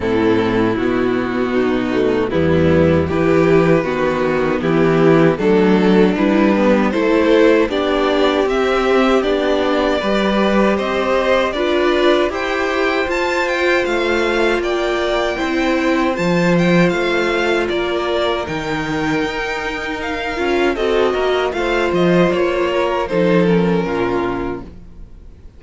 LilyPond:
<<
  \new Staff \with { instrumentName = "violin" } { \time 4/4 \tempo 4 = 78 a'4 fis'2 e'4 | b'2 g'4 a'4 | b'4 c''4 d''4 e''4 | d''2 dis''4 d''4 |
g''4 a''8 g''8 f''4 g''4~ | g''4 a''8 g''8 f''4 d''4 | g''2 f''4 dis''4 | f''8 dis''8 cis''4 c''8 ais'4. | }
  \new Staff \with { instrumentName = "violin" } { \time 4/4 e'2 dis'4 b4 | g'4 fis'4 e'4 d'4~ | d'4 a'4 g'2~ | g'4 b'4 c''4 b'4 |
c''2. d''4 | c''2. ais'4~ | ais'2. a'8 ais'8 | c''4. ais'8 a'4 f'4 | }
  \new Staff \with { instrumentName = "viola" } { \time 4/4 c'4 b4. a8 g4 | e'4 b2 a4 | e'8 b8 e'4 d'4 c'4 | d'4 g'2 f'4 |
g'4 f'2. | e'4 f'2. | dis'2~ dis'8 f'8 fis'4 | f'2 dis'8 cis'4. | }
  \new Staff \with { instrumentName = "cello" } { \time 4/4 a,4 b,2 e,4 | e4 dis4 e4 fis4 | g4 a4 b4 c'4 | b4 g4 c'4 d'4 |
e'4 f'4 a4 ais4 | c'4 f4 a4 ais4 | dis4 dis'4. cis'8 c'8 ais8 | a8 f8 ais4 f4 ais,4 | }
>>